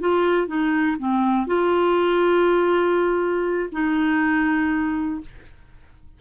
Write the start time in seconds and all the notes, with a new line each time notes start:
0.00 F4
0.47 D#4
0.99 C4
1.47 F4
3.72 D#4